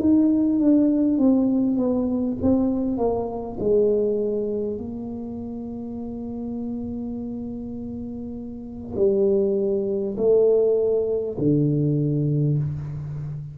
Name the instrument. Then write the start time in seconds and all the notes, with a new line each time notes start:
tuba
0.00 D#4
0.60 D4
1.19 C4
1.77 B3
2.43 C4
2.98 A#3
3.60 G#3
4.78 A#3
8.97 G3
10.18 A3
11.39 D3